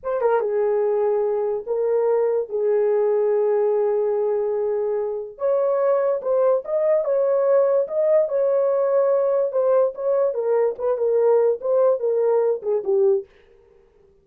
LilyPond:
\new Staff \with { instrumentName = "horn" } { \time 4/4 \tempo 4 = 145 c''8 ais'8 gis'2. | ais'2 gis'2~ | gis'1~ | gis'4 cis''2 c''4 |
dis''4 cis''2 dis''4 | cis''2. c''4 | cis''4 ais'4 b'8 ais'4. | c''4 ais'4. gis'8 g'4 | }